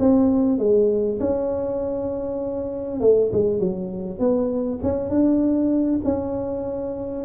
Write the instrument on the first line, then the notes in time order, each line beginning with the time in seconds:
tuba
0.00 C4
0.59 G#3
1.20 C#4
3.01 A3
3.33 G#3
3.60 F#3
4.20 B3
4.83 C#4
5.10 D4
6.05 C#4